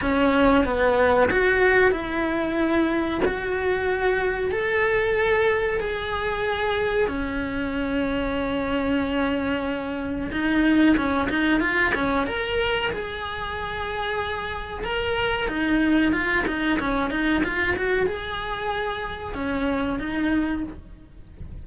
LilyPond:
\new Staff \with { instrumentName = "cello" } { \time 4/4 \tempo 4 = 93 cis'4 b4 fis'4 e'4~ | e'4 fis'2 a'4~ | a'4 gis'2 cis'4~ | cis'1 |
dis'4 cis'8 dis'8 f'8 cis'8 ais'4 | gis'2. ais'4 | dis'4 f'8 dis'8 cis'8 dis'8 f'8 fis'8 | gis'2 cis'4 dis'4 | }